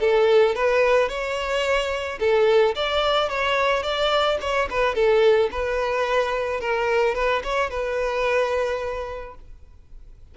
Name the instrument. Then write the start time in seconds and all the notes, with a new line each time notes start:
violin
0.00 A4
0.55 B4
1.09 C#5
2.20 A4
2.75 D5
3.29 C#5
3.83 D5
4.41 C#5
4.70 B4
4.95 A4
5.51 B4
6.60 A#4
7.15 B4
7.43 C#5
7.70 B4